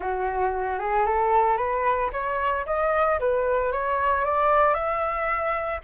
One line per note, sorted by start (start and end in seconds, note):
0.00 0.79 F#4
0.79 1.05 G#4
1.06 1.57 A4
1.57 2.10 B4
2.12 2.65 C#5
2.65 3.19 D#5
3.19 3.72 B4
3.72 4.24 C#5
4.24 4.74 D5
4.74 5.80 E5